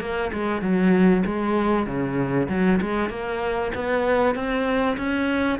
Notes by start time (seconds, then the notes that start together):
0.00 A#3
0.33 G#3
0.61 F#3
1.25 G#3
1.86 C#3
2.49 F#3
2.81 G#3
3.09 A#3
3.75 B3
4.35 C4
4.97 C#4